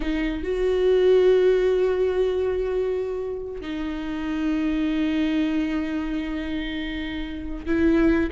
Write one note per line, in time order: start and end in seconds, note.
0.00 0.43 D#4
0.43 3.61 F#4
3.61 7.65 D#4
7.66 8.29 E4